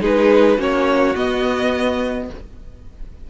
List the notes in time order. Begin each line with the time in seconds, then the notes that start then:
0.00 G#3 D#4 G#4 B4
0.57 A#3 C#4 F#4 C#5
1.15 B3 D#5